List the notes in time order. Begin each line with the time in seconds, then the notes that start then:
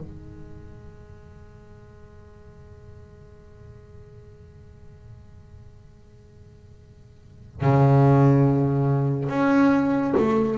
0.00 G#3
7.61 C#3
9.29 C#4
10.17 A3